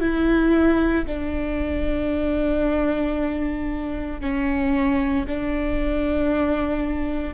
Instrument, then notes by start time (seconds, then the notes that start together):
viola
0.00 E4
1.06 D4
4.21 C#4
5.27 D4